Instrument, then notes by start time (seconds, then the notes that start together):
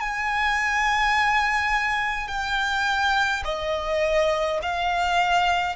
violin
0.00 G#5
2.28 G5
3.44 D#5
4.62 F5